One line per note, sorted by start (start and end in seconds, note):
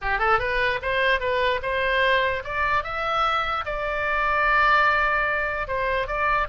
0.01 0.18 G4
0.18 0.39 A4
0.39 0.79 B4
0.82 1.20 C5
1.20 1.60 B4
1.62 2.43 C5
2.44 2.83 D5
2.83 3.64 E5
3.65 5.67 D5
5.67 6.07 C5
6.07 6.47 D5